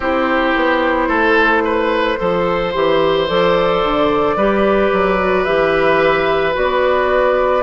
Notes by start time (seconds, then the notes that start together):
0.00 C4 E4 G4 C5
0.56 B3
1.08 A3 A4
1.64 B4
2.17 F3 A4 C5
2.74 E3 G4
3.27 F3 A4 D5
3.83 D3
4.35 G3 G4 B4
4.92 F#3
5.18 F#4
5.44 E3 G4 E5
6.52 B3 F#4 D5